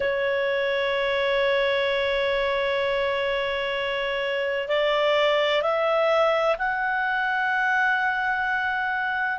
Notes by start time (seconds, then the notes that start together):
0.00 C#5
4.68 D5
5.62 E5
6.58 F#5